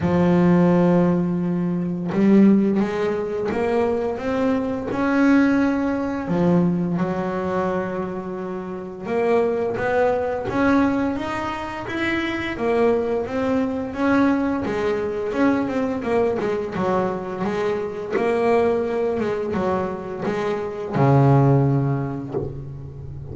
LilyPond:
\new Staff \with { instrumentName = "double bass" } { \time 4/4 \tempo 4 = 86 f2. g4 | gis4 ais4 c'4 cis'4~ | cis'4 f4 fis2~ | fis4 ais4 b4 cis'4 |
dis'4 e'4 ais4 c'4 | cis'4 gis4 cis'8 c'8 ais8 gis8 | fis4 gis4 ais4. gis8 | fis4 gis4 cis2 | }